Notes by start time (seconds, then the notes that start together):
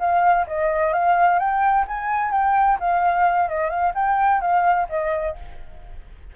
0.00 F5
0.48 D#5
0.93 F5
1.39 G5
1.88 G#5
2.32 G5
2.80 F5
3.49 D#5
3.70 F5
3.95 G5
4.41 F5
4.90 D#5